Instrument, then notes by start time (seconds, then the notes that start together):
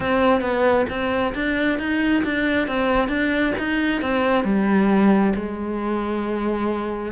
cello
0.00 C4
0.41 B3
0.89 C4
1.35 D4
1.78 D#4
2.24 D4
2.67 C4
3.08 D4
3.58 D#4
4.01 C4
4.44 G3
5.35 G#3